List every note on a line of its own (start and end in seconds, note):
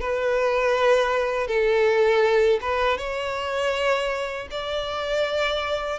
0.00 1.47 B4
1.47 2.59 A4
2.61 2.97 B4
2.97 4.47 C#5
4.51 5.99 D5